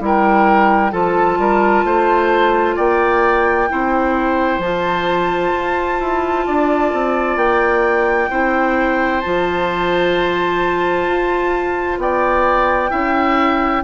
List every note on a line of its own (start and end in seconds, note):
0.00 0.93 G3
0.00 0.92 E4
0.00 0.92 A#4
0.00 0.93 G5
0.92 1.38 F3
0.92 3.69 F4
0.92 1.39 A4
0.92 2.77 A5
1.38 1.84 G3
1.38 1.86 A#4
1.84 2.77 A3
1.84 2.76 C5
2.76 3.71 A#3
2.76 3.69 D5
2.76 4.61 G5
3.69 4.59 C4
3.69 4.61 E4
3.69 6.47 C5
4.59 5.51 F3
4.59 8.31 F4
4.59 7.38 A5
5.55 6.00 F4
6.00 6.47 E4
6.47 6.94 D4
6.47 8.30 D5
6.94 7.37 C4
7.37 8.29 A#3
7.37 9.21 G5
8.30 9.23 C4
8.30 9.23 E4
8.30 11.99 C5
9.21 11.08 F3
9.21 12.90 F4
9.21 11.98 A5
11.08 11.98 F4
11.98 12.91 B3
11.98 12.91 D5
11.98 13.84 G5
12.90 13.84 C#4
12.90 13.83 E4
12.90 13.83 E5